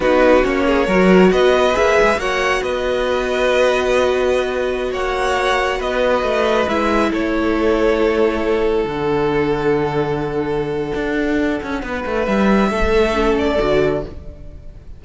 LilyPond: <<
  \new Staff \with { instrumentName = "violin" } { \time 4/4 \tempo 4 = 137 b'4 cis''2 dis''4 | e''4 fis''4 dis''2~ | dis''2.~ dis''16 fis''8.~ | fis''4~ fis''16 dis''2 e''8.~ |
e''16 cis''2.~ cis''8.~ | cis''16 fis''2.~ fis''8.~ | fis''1 | e''2~ e''8 d''4. | }
  \new Staff \with { instrumentName = "violin" } { \time 4/4 fis'4. gis'8 ais'4 b'4~ | b'4 cis''4 b'2~ | b'2.~ b'16 cis''8.~ | cis''4~ cis''16 b'2~ b'8.~ |
b'16 a'2.~ a'8.~ | a'1~ | a'2. b'4~ | b'4 a'2. | }
  \new Staff \with { instrumentName = "viola" } { \time 4/4 dis'4 cis'4 fis'2 | gis'4 fis'2.~ | fis'1~ | fis'2.~ fis'16 e'8.~ |
e'1~ | e'16 d'2.~ d'8.~ | d'1~ | d'2 cis'4 fis'4 | }
  \new Staff \with { instrumentName = "cello" } { \time 4/4 b4 ais4 fis4 b4 | ais8 gis8 ais4 b2~ | b2.~ b16 ais8.~ | ais4~ ais16 b4 a4 gis8.~ |
gis16 a2.~ a8.~ | a16 d2.~ d8.~ | d4 d'4. cis'8 b8 a8 | g4 a2 d4 | }
>>